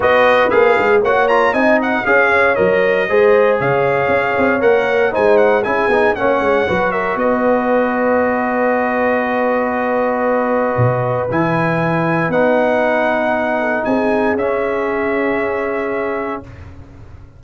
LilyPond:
<<
  \new Staff \with { instrumentName = "trumpet" } { \time 4/4 \tempo 4 = 117 dis''4 f''4 fis''8 ais''8 gis''8 fis''8 | f''4 dis''2 f''4~ | f''4 fis''4 gis''8 fis''8 gis''4 | fis''4. e''8 dis''2~ |
dis''1~ | dis''2 gis''2 | fis''2. gis''4 | e''1 | }
  \new Staff \with { instrumentName = "horn" } { \time 4/4 b'2 cis''4 dis''4 | cis''2 c''4 cis''4~ | cis''2 c''4 gis'4 | cis''4 b'8 ais'8 b'2~ |
b'1~ | b'1~ | b'2~ b'8 a'8 gis'4~ | gis'1 | }
  \new Staff \with { instrumentName = "trombone" } { \time 4/4 fis'4 gis'4 fis'8 f'8 dis'4 | gis'4 ais'4 gis'2~ | gis'4 ais'4 dis'4 e'8 dis'8 | cis'4 fis'2.~ |
fis'1~ | fis'2 e'2 | dis'1 | cis'1 | }
  \new Staff \with { instrumentName = "tuba" } { \time 4/4 b4 ais8 gis8 ais4 c'4 | cis'4 fis4 gis4 cis4 | cis'8 c'8 ais4 gis4 cis'8 b8 | ais8 gis8 fis4 b2~ |
b1~ | b4 b,4 e2 | b2. c'4 | cis'1 | }
>>